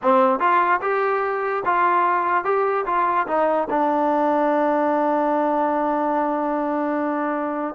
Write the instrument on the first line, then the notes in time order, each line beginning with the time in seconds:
trombone
0.02 C4
0.39 F4
0.81 G4
1.65 F4
2.44 G4
2.86 F4
3.27 D#4
3.70 D4